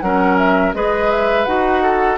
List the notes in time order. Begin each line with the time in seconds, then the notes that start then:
0.00 F#3 C#4 A#4 F#5
0.37 E5
0.73 G#3 G#4 B4 D#5
1.10 E5
1.45 D#4 F#4 F#5
1.82 A4